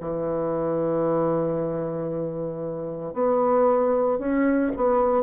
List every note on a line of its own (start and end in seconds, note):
0.00 3.13 E3
3.13 4.18 B3
4.18 4.71 C#4
4.76 5.23 B3